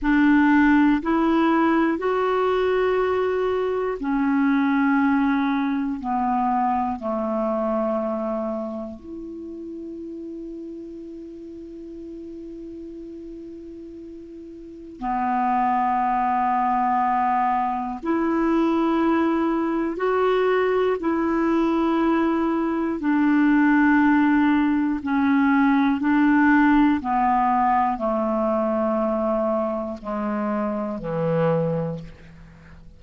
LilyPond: \new Staff \with { instrumentName = "clarinet" } { \time 4/4 \tempo 4 = 60 d'4 e'4 fis'2 | cis'2 b4 a4~ | a4 e'2.~ | e'2. b4~ |
b2 e'2 | fis'4 e'2 d'4~ | d'4 cis'4 d'4 b4 | a2 gis4 e4 | }